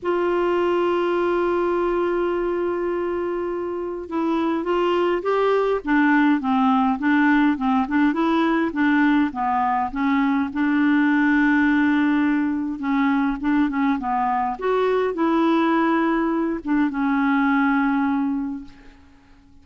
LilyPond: \new Staff \with { instrumentName = "clarinet" } { \time 4/4 \tempo 4 = 103 f'1~ | f'2. e'4 | f'4 g'4 d'4 c'4 | d'4 c'8 d'8 e'4 d'4 |
b4 cis'4 d'2~ | d'2 cis'4 d'8 cis'8 | b4 fis'4 e'2~ | e'8 d'8 cis'2. | }